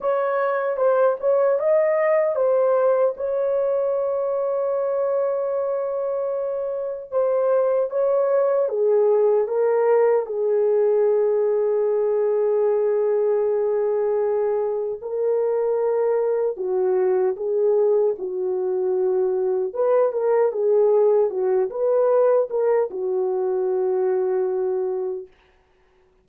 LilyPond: \new Staff \with { instrumentName = "horn" } { \time 4/4 \tempo 4 = 76 cis''4 c''8 cis''8 dis''4 c''4 | cis''1~ | cis''4 c''4 cis''4 gis'4 | ais'4 gis'2.~ |
gis'2. ais'4~ | ais'4 fis'4 gis'4 fis'4~ | fis'4 b'8 ais'8 gis'4 fis'8 b'8~ | b'8 ais'8 fis'2. | }